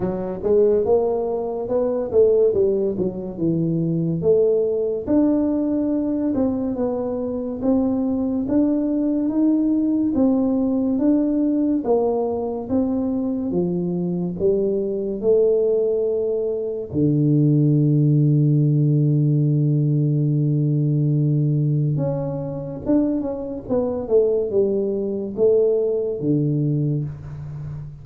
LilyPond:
\new Staff \with { instrumentName = "tuba" } { \time 4/4 \tempo 4 = 71 fis8 gis8 ais4 b8 a8 g8 fis8 | e4 a4 d'4. c'8 | b4 c'4 d'4 dis'4 | c'4 d'4 ais4 c'4 |
f4 g4 a2 | d1~ | d2 cis'4 d'8 cis'8 | b8 a8 g4 a4 d4 | }